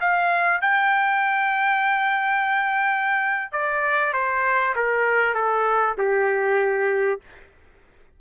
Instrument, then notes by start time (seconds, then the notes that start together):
trumpet
0.00 F5
0.61 G5
3.52 D5
4.13 C5
4.76 A#4
5.34 A4
5.98 G4